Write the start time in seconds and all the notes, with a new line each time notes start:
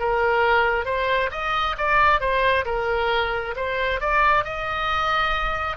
0.00 A#4
0.85 C5
1.32 D#5
1.78 D5
2.21 C5
2.66 A#4
3.57 C5
4.01 D5
4.45 D#5